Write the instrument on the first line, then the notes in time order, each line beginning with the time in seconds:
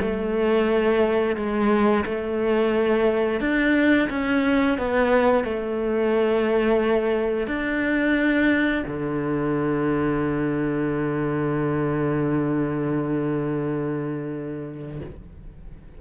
cello
0.00 A3
1.36 G#3
2.05 A3
3.40 D4
4.09 C#4
4.78 B3
5.44 A3
7.47 D4
8.87 D3